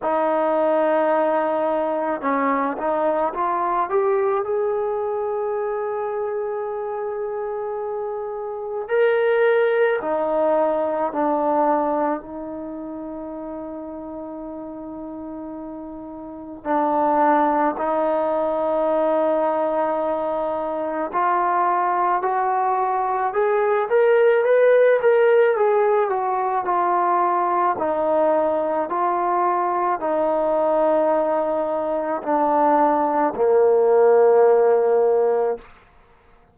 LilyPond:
\new Staff \with { instrumentName = "trombone" } { \time 4/4 \tempo 4 = 54 dis'2 cis'8 dis'8 f'8 g'8 | gis'1 | ais'4 dis'4 d'4 dis'4~ | dis'2. d'4 |
dis'2. f'4 | fis'4 gis'8 ais'8 b'8 ais'8 gis'8 fis'8 | f'4 dis'4 f'4 dis'4~ | dis'4 d'4 ais2 | }